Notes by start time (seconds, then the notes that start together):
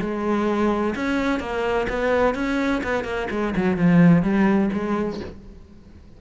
0.00 G#3
0.96 C#4
1.40 A#3
1.89 B3
2.35 C#4
2.83 B3
3.04 A#3
3.30 G#3
3.56 F#3
3.77 F3
4.22 G3
4.73 G#3